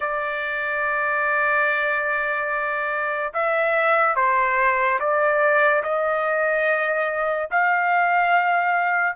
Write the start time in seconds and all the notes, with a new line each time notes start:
0.00 D5
3.33 E5
4.15 C5
4.99 D5
5.83 D#5
7.50 F5